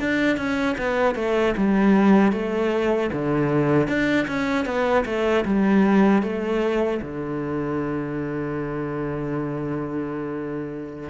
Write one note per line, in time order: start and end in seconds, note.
0.00 0.37 D4
0.37 0.76 C#4
0.78 1.15 B3
1.15 1.54 A3
1.57 2.33 G3
2.33 3.11 A3
3.13 3.88 D3
3.88 4.27 D4
4.28 4.66 C#4
4.66 5.05 B3
5.06 5.45 A3
5.45 6.23 G3
6.23 7.01 A3
7.02 11.10 D3